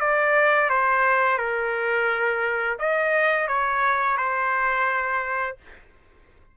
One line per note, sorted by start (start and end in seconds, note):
0.00 0.70 D5
0.70 1.38 C5
1.38 2.78 A#4
2.79 3.48 D#5
3.48 4.18 C#5
4.18 5.57 C5